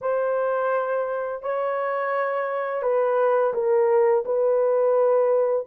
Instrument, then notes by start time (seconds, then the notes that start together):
horn
0.01 C5
1.42 C#5
2.82 B4
3.53 A#4
4.25 B4